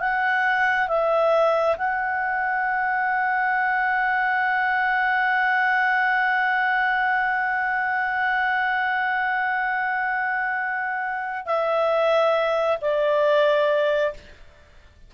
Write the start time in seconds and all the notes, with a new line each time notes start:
0.00 F#5
0.88 E5
1.78 F#5
11.46 E5
12.81 D5